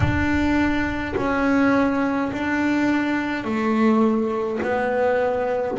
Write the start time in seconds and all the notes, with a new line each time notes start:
0.00 D4
1.16 C#4
2.32 D4
3.44 A3
4.63 B3